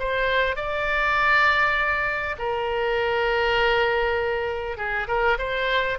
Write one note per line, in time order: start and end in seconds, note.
0.00 0.56 C5
0.56 2.36 D5
2.39 4.78 A#4
4.78 5.08 G#4
5.08 5.38 A#4
5.39 5.99 C5